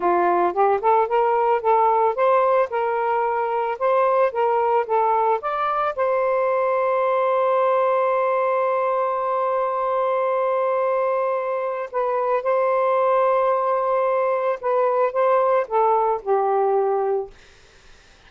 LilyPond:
\new Staff \with { instrumentName = "saxophone" } { \time 4/4 \tempo 4 = 111 f'4 g'8 a'8 ais'4 a'4 | c''4 ais'2 c''4 | ais'4 a'4 d''4 c''4~ | c''1~ |
c''1~ | c''2 b'4 c''4~ | c''2. b'4 | c''4 a'4 g'2 | }